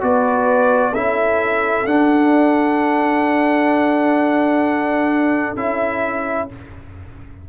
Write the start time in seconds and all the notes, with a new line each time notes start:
0.00 B3 F#4 B4 D5
0.93 C#4 E4 A4 E5
1.85 D4 F#5
5.55 C#4 E4 E5